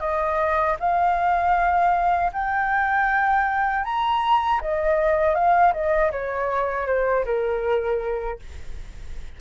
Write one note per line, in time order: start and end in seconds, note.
0.00 0.76 D#5
0.80 2.32 F5
2.33 3.85 G5
3.85 4.61 A#5
4.61 5.35 D#5
5.35 5.73 F5
5.73 6.11 D#5
6.12 6.87 C#5
6.87 7.25 C5
7.25 8.39 A#4